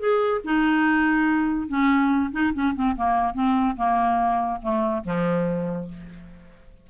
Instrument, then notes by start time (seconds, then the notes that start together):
clarinet
0.00 G#4
0.45 D#4
1.69 C#4
2.32 D#4
2.54 C#4
2.75 C4
2.97 A#3
3.35 C4
3.77 A#3
4.62 A3
5.05 F3